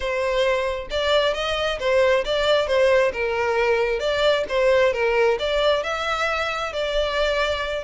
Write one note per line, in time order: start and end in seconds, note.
0.00 0.88 C5
0.90 1.34 D5
1.34 1.78 D#5
1.79 2.24 C5
2.24 2.67 D5
2.67 3.12 C5
3.13 3.99 A#4
3.99 4.44 D5
4.48 4.93 C5
4.93 5.38 A#4
5.39 5.83 D5
5.83 6.72 E5
6.72 7.84 D5